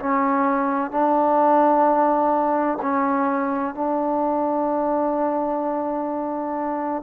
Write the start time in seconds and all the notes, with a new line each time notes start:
0.00 C#4
0.91 D4
2.82 C#4
3.75 D4